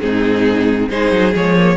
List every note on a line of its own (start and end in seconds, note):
0.00 0.89 G#2
0.00 0.90 C4
0.00 0.90 D#4
0.00 0.89 G#4
0.89 1.11 G#3
0.89 1.33 D#4
0.89 1.77 G#4
0.89 1.34 C5
1.11 1.34 F#3
1.33 1.77 F3
1.33 1.56 G#3
1.33 1.77 C#5
1.57 1.77 A#3